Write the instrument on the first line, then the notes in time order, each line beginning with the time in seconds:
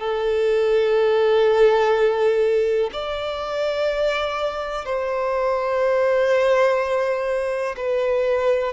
violin
0.00 A4
2.93 D5
4.85 C5
7.77 B4